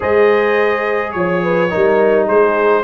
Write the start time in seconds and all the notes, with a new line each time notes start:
0.00 G#3 G#4 C5 D#5
1.11 F3 C#5
1.42 B4
1.69 G3 D#4 A#4
2.26 G#3 G#4 C5